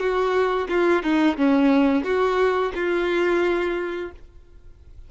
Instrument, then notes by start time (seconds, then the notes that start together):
violin
0.00 F#4
0.69 F4
1.03 D#4
1.38 C#4
2.04 F#4
2.76 F4